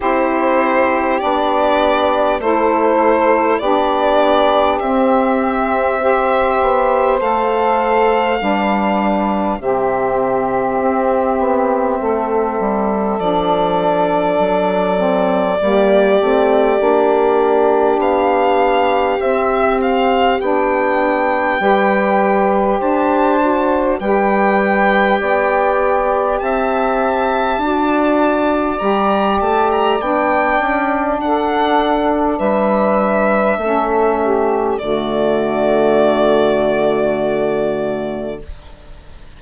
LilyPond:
<<
  \new Staff \with { instrumentName = "violin" } { \time 4/4 \tempo 4 = 50 c''4 d''4 c''4 d''4 | e''2 f''2 | e''2. d''4~ | d''2. f''4 |
e''8 f''8 g''2 a''4 | g''2 a''2 | ais''8 a''16 ais''16 g''4 fis''4 e''4~ | e''4 d''2. | }
  \new Staff \with { instrumentName = "saxophone" } { \time 4/4 g'2 a'4 g'4~ | g'4 c''2 b'4 | g'2 a'2~ | a'4 g'2.~ |
g'2 b'4 c''4 | b'4 d''4 e''4 d''4~ | d''2 a'4 b'4 | a'8 g'8 fis'2. | }
  \new Staff \with { instrumentName = "saxophone" } { \time 4/4 e'4 d'4 e'4 d'4 | c'4 g'4 a'4 d'4 | c'2. d'4~ | d'8 c'8 ais8 c'8 d'2 |
c'4 d'4 g'4. fis'8 | g'2. fis'4 | g'4 d'2. | cis'4 a2. | }
  \new Staff \with { instrumentName = "bassoon" } { \time 4/4 c'4 b4 a4 b4 | c'4. b8 a4 g4 | c4 c'8 b8 a8 g8 f4 | fis4 g8 a8 ais4 b4 |
c'4 b4 g4 d'4 | g4 b4 c'4 d'4 | g8 a8 b8 cis'8 d'4 g4 | a4 d2. | }
>>